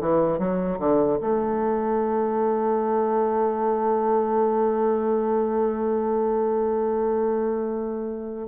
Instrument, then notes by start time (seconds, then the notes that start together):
bassoon
0.00 E3
0.38 F#3
0.79 D3
1.20 A3